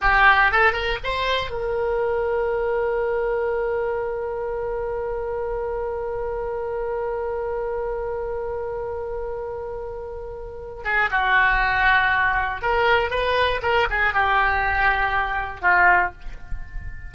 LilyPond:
\new Staff \with { instrumentName = "oboe" } { \time 4/4 \tempo 4 = 119 g'4 a'8 ais'8 c''4 ais'4~ | ais'1~ | ais'1~ | ais'1~ |
ais'1~ | ais'4. gis'8 fis'2~ | fis'4 ais'4 b'4 ais'8 gis'8 | g'2. f'4 | }